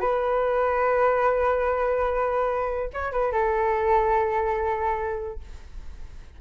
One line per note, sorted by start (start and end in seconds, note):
0.00 2.90 B4
2.93 3.12 C#5
3.12 3.32 B4
3.32 5.39 A4